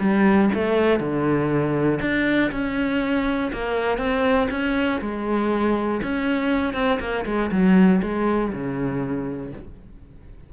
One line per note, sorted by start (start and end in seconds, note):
0.00 0.50 G3
0.54 1.00 A3
1.00 2.00 D3
2.01 2.51 D4
2.52 3.52 C#4
3.53 3.98 A#3
3.98 4.48 C4
4.51 5.01 C#4
5.01 6.01 G#3
6.03 6.74 C#4
6.74 6.99 C4
7.00 7.25 A#3
7.26 7.51 G#3
7.52 8.02 F#3
8.02 8.52 G#3
8.53 9.53 C#3